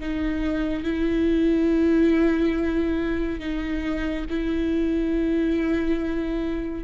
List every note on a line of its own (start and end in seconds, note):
0.00 0.83 D#4
0.83 3.40 E4
3.40 4.25 D#4
4.30 6.84 E4